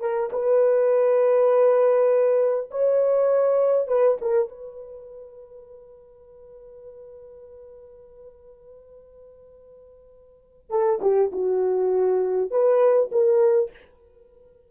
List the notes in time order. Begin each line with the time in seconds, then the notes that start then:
0.00 A#4
0.32 B4
2.71 C#5
3.87 B4
4.21 A#4
4.48 B4
10.70 A4
11.01 G4
11.32 F#4
12.50 B4
13.11 A#4